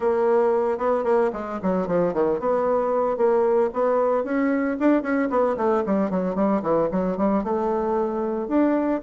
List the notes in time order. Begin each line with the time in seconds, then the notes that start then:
0.00 A#3
0.78 B3
1.04 A#3
1.33 G#3
1.62 F#3
1.87 F3
2.13 D#3
2.39 B3
3.17 A#3
3.73 B3
4.24 C#4
4.79 D4
5.02 C#4
5.30 B3
5.57 A3
5.86 G3
6.10 F#3
6.35 G3
6.62 E3
6.91 F#3
7.17 G3
7.43 A3
8.48 D4